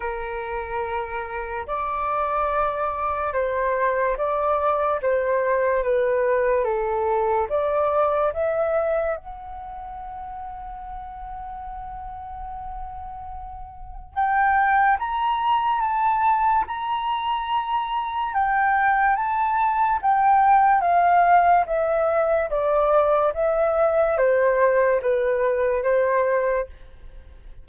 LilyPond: \new Staff \with { instrumentName = "flute" } { \time 4/4 \tempo 4 = 72 ais'2 d''2 | c''4 d''4 c''4 b'4 | a'4 d''4 e''4 fis''4~ | fis''1~ |
fis''4 g''4 ais''4 a''4 | ais''2 g''4 a''4 | g''4 f''4 e''4 d''4 | e''4 c''4 b'4 c''4 | }